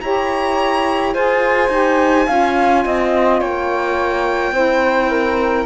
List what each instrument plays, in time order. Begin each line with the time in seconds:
0.00 cello E4, saxophone G4, flute C#5, violin A#5
1.14 cello F4, saxophone G#4, flute C5, violin G#5
1.69 cello D#4, saxophone G4
2.26 cello C#4, saxophone F4, flute F5
2.83 cello C4, flute D#5
3.40 cello A#3, flute C#5, violin G5
4.51 cello C4, saxophone E4, flute C5
5.10 flute A#4